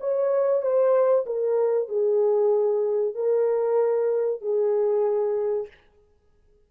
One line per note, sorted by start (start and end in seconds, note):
0.00 0.62 C#5
0.62 1.25 C5
1.26 1.89 A#4
1.89 3.15 G#4
3.15 4.41 A#4
4.41 5.68 G#4